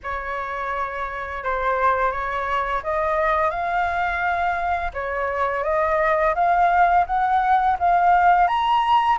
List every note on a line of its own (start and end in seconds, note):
0.03 1.43 C#5
1.43 2.11 C5
2.11 2.82 C#5
2.83 3.50 D#5
3.50 4.91 F5
4.93 5.63 C#5
5.63 6.34 D#5
6.35 7.05 F5
7.06 7.76 F#5
7.79 8.47 F5
8.47 9.18 A#5